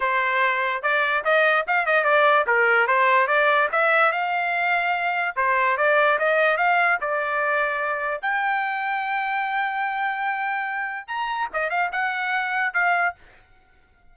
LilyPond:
\new Staff \with { instrumentName = "trumpet" } { \time 4/4 \tempo 4 = 146 c''2 d''4 dis''4 | f''8 dis''8 d''4 ais'4 c''4 | d''4 e''4 f''2~ | f''4 c''4 d''4 dis''4 |
f''4 d''2. | g''1~ | g''2. ais''4 | dis''8 f''8 fis''2 f''4 | }